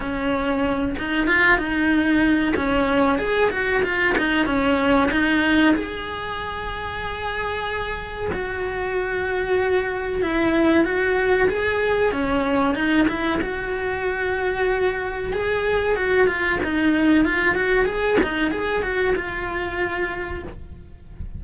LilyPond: \new Staff \with { instrumentName = "cello" } { \time 4/4 \tempo 4 = 94 cis'4. dis'8 f'8 dis'4. | cis'4 gis'8 fis'8 f'8 dis'8 cis'4 | dis'4 gis'2.~ | gis'4 fis'2. |
e'4 fis'4 gis'4 cis'4 | dis'8 e'8 fis'2. | gis'4 fis'8 f'8 dis'4 f'8 fis'8 | gis'8 dis'8 gis'8 fis'8 f'2 | }